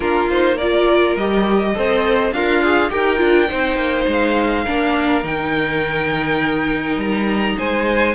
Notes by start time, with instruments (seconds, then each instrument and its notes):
0.00 cello A#3, viola D4, violin F4 A#4
0.30 viola D#4, violin C5
0.55 viola F4, violin A#4 D5
1.15 cello G3, viola G4, violin D#5
1.74 cello C4, viola A4, violin C5
2.31 cello D4, violin F4 F5, viola A#4
2.63 viola G#4
2.90 cello D#4, viola G4, violin A#4 G5
3.17 cello D4, viola F4
3.48 cello C4, viola D#4, violin C5
3.76 cello A#3
4.07 cello G#3, violin F5
4.64 cello A#3, viola D4, violin A#4
5.23 cello D#3, viola D#4, violin G5
6.96 cello G3, violin A#5
7.57 cello G#3, violin C5 G#5